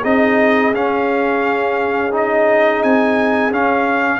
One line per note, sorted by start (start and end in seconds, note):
0.00 0.74 C4
0.00 0.73 D#4
0.00 4.19 G#4
0.00 0.74 D#5
0.74 2.11 C#4
0.74 2.83 C#4
0.74 2.14 F5
2.11 3.51 D#4
2.11 2.82 D#5
2.82 3.50 C4
2.82 3.52 G#5
3.50 4.20 C#4
3.50 4.20 F5